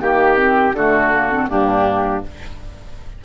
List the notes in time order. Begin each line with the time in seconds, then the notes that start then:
0.00 D#3 A#3 G4
0.36 C4
0.72 D3 A3 F#4 A4
1.12 A#3
1.30 C4
1.48 G2 A#3 D4 G4